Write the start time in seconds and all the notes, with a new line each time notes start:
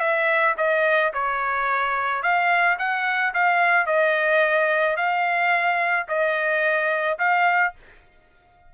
0.00 E5
0.58 D#5
1.13 C#5
2.22 F5
2.78 F#5
3.34 F5
3.86 D#5
4.96 F5
6.08 D#5
7.19 F5